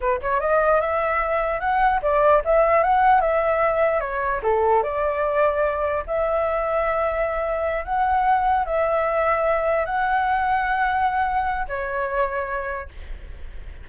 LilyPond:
\new Staff \with { instrumentName = "flute" } { \time 4/4 \tempo 4 = 149 b'8 cis''8 dis''4 e''2 | fis''4 d''4 e''4 fis''4 | e''2 cis''4 a'4 | d''2. e''4~ |
e''2.~ e''8 fis''8~ | fis''4. e''2~ e''8~ | e''8 fis''2.~ fis''8~ | fis''4 cis''2. | }